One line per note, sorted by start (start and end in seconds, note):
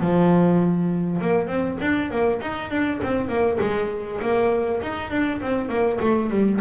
0.00 1.20 F3
1.21 1.47 A#3
1.47 1.77 C4
1.80 2.10 D4
2.11 2.41 A#3
2.41 2.70 D#4
2.70 3.00 D4
3.02 3.28 C4
3.28 3.58 A#3
3.60 4.20 G#3
4.21 4.81 A#3
4.82 5.10 D#4
5.10 5.40 D4
5.41 5.68 C4
5.68 5.98 A#3
6.00 6.30 A3
6.30 6.60 G3